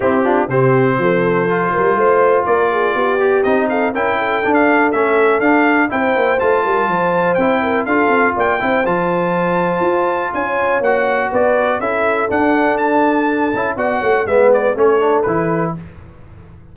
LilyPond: <<
  \new Staff \with { instrumentName = "trumpet" } { \time 4/4 \tempo 4 = 122 g'4 c''2.~ | c''4 d''2 dis''8 f''8 | g''4~ g''16 f''8. e''4 f''4 | g''4 a''2 g''4 |
f''4 g''4 a''2~ | a''4 gis''4 fis''4 d''4 | e''4 fis''4 a''2 | fis''4 e''8 d''8 cis''4 b'4 | }
  \new Staff \with { instrumentName = "horn" } { \time 4/4 e'8 f'8 g'4 a'4. ais'8 | c''4 ais'8 gis'8 g'4. a'8 | ais'8 a'2.~ a'8 | c''4. ais'8 c''4. ais'8 |
a'4 d''8 c''2~ c''8~ | c''4 cis''2 b'4 | a'1 | d''8 cis''8 b'4 a'2 | }
  \new Staff \with { instrumentName = "trombone" } { \time 4/4 c'8 d'8 c'2 f'4~ | f'2~ f'8 g'8 dis'4 | e'4 d'4 cis'4 d'4 | e'4 f'2 e'4 |
f'4. e'8 f'2~ | f'2 fis'2 | e'4 d'2~ d'8 e'8 | fis'4 b4 cis'8 d'8 e'4 | }
  \new Staff \with { instrumentName = "tuba" } { \time 4/4 c'4 c4 f4. g8 | a4 ais4 b4 c'4 | cis'4 d'4 a4 d'4 | c'8 ais8 a8 g8 f4 c'4 |
d'8 c'8 ais8 c'8 f2 | f'4 cis'4 ais4 b4 | cis'4 d'2~ d'8 cis'8 | b8 a8 gis4 a4 e4 | }
>>